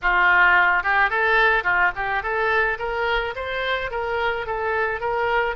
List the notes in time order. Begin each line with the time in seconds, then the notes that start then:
0.02 F4
0.83 G4
1.10 A4
1.63 F4
1.95 G4
2.22 A4
2.79 A#4
3.35 C5
3.90 A#4
4.46 A4
5.00 A#4